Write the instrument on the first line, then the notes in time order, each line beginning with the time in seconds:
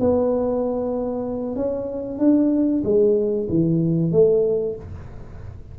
tuba
0.00 B3
1.56 C#4
2.19 D4
2.84 G#3
3.49 E3
4.12 A3